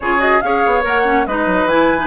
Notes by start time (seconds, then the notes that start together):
0.00 C#3 F4 G#4 C#5
0.18 F#4 D#5
0.41 C#4 G#4 C#5 F5
0.66 B3
0.82 A#3 A#4 F#5
1.03 C#4
1.26 G#3 D#4 B4 D#5
1.45 F#3
1.65 E3 E4 G#5
1.99 D#4